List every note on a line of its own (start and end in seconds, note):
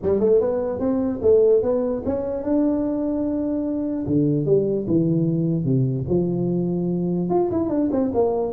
0.02 0.20 G3
0.20 0.40 A3
0.40 0.79 B3
0.79 1.20 C4
1.22 1.62 A3
1.62 2.03 B3
2.05 2.43 C#4
2.43 4.05 D4
4.06 4.45 D3
4.45 4.86 G3
4.87 5.64 E3
5.64 6.05 C3
6.08 7.29 F3
7.29 7.50 F4
7.51 7.69 E4
7.69 7.89 D4
7.91 8.11 C4
8.14 8.52 A#3